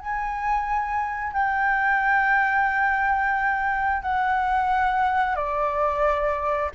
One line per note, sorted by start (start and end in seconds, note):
0.00 1.33 G#5
1.33 4.03 G5
4.03 5.36 F#5
5.36 6.71 D5